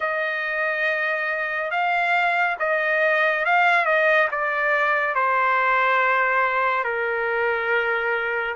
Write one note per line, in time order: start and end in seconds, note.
0.00 1.71 D#5
1.71 2.56 F5
2.59 3.45 D#5
3.45 3.85 F5
3.85 4.27 D#5
4.31 5.14 D5
5.14 6.84 C5
6.84 8.55 A#4